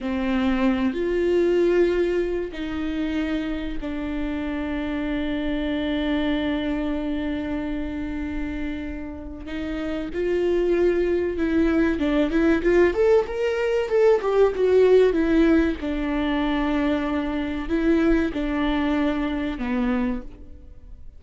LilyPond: \new Staff \with { instrumentName = "viola" } { \time 4/4 \tempo 4 = 95 c'4. f'2~ f'8 | dis'2 d'2~ | d'1~ | d'2. dis'4 |
f'2 e'4 d'8 e'8 | f'8 a'8 ais'4 a'8 g'8 fis'4 | e'4 d'2. | e'4 d'2 b4 | }